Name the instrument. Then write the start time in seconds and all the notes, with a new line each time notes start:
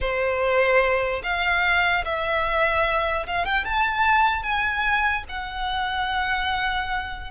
violin
0.00 C5
1.23 F5
2.04 E5
3.26 F5
3.45 G5
3.64 A5
4.42 G#5
5.29 F#5